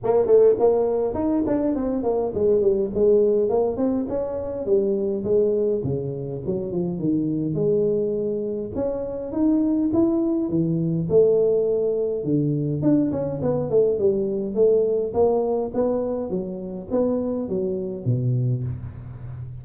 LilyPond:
\new Staff \with { instrumentName = "tuba" } { \time 4/4 \tempo 4 = 103 ais8 a8 ais4 dis'8 d'8 c'8 ais8 | gis8 g8 gis4 ais8 c'8 cis'4 | g4 gis4 cis4 fis8 f8 | dis4 gis2 cis'4 |
dis'4 e'4 e4 a4~ | a4 d4 d'8 cis'8 b8 a8 | g4 a4 ais4 b4 | fis4 b4 fis4 b,4 | }